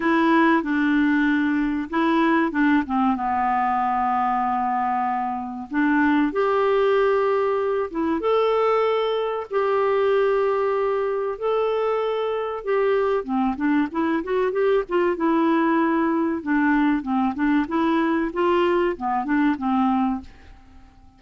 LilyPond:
\new Staff \with { instrumentName = "clarinet" } { \time 4/4 \tempo 4 = 95 e'4 d'2 e'4 | d'8 c'8 b2.~ | b4 d'4 g'2~ | g'8 e'8 a'2 g'4~ |
g'2 a'2 | g'4 c'8 d'8 e'8 fis'8 g'8 f'8 | e'2 d'4 c'8 d'8 | e'4 f'4 b8 d'8 c'4 | }